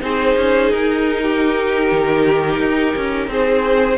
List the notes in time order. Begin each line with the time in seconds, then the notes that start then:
0.00 C4 D#4 G#4 C5
0.36 C#4
0.70 D#4 A#4
1.22 G4
1.91 D#3
2.60 D#4
2.96 C#4
3.27 C4 G#4 C5